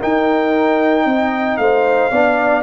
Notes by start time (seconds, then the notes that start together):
0.00 D#4 A#4 G5
1.04 C4 D#5
1.57 A3 C5 F5
2.11 B3 D4 D5